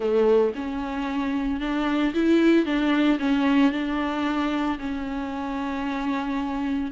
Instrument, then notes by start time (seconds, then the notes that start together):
viola
0.00 A3
0.55 C#4
1.60 D4
2.14 E4
2.65 D4
3.19 C#4
3.72 D4
4.79 C#4